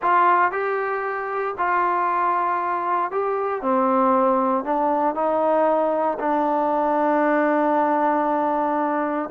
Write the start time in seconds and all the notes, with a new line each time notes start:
0.01 F4
0.51 G4
1.58 F4
3.11 G4
3.62 C4
4.64 D4
5.14 D#4
6.19 D4